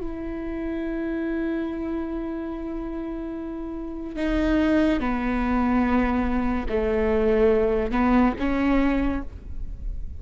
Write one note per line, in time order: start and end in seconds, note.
0.00 4.16 E4
4.16 5.00 D#4
5.00 6.66 B3
6.69 7.91 A3
7.91 8.33 B3
8.39 9.22 C#4